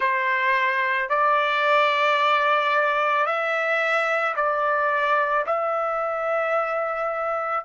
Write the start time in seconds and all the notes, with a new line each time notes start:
0.00 C5
1.09 D5
3.25 E5
4.36 D5
5.46 E5